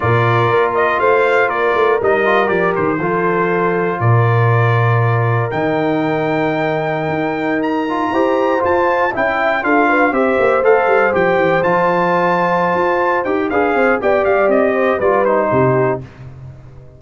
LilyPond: <<
  \new Staff \with { instrumentName = "trumpet" } { \time 4/4 \tempo 4 = 120 d''4. dis''8 f''4 d''4 | dis''4 d''8 c''2~ c''8 | d''2. g''4~ | g''2.~ g''16 ais''8.~ |
ais''4~ ais''16 a''4 g''4 f''8.~ | f''16 e''4 f''4 g''4 a''8.~ | a''2~ a''8 g''8 f''4 | g''8 f''8 dis''4 d''8 c''4. | }
  \new Staff \with { instrumentName = "horn" } { \time 4/4 ais'2 c''4 ais'4~ | ais'2 a'2 | ais'1~ | ais'1~ |
ais'16 c''2 e''4 a'8 b'16~ | b'16 c''2.~ c''8.~ | c''2. b'8 c''8 | d''4. c''8 b'4 g'4 | }
  \new Staff \with { instrumentName = "trombone" } { \time 4/4 f'1 | dis'8 f'8 g'4 f'2~ | f'2. dis'4~ | dis'2.~ dis'8. f'16~ |
f'16 g'4 f'4 e'4 f'8.~ | f'16 g'4 a'4 g'4 f'8.~ | f'2~ f'8 g'8 gis'4 | g'2 f'8 dis'4. | }
  \new Staff \with { instrumentName = "tuba" } { \time 4/4 ais,4 ais4 a4 ais8 a8 | g4 f8 dis8 f2 | ais,2. dis4~ | dis2~ dis16 dis'4.~ dis'16~ |
dis'16 e'4 f'4 cis'4 d'8.~ | d'16 c'8 ais8 a8 g8 f8 e8 f8.~ | f4. f'4 dis'8 d'8 c'8 | b8 g8 c'4 g4 c4 | }
>>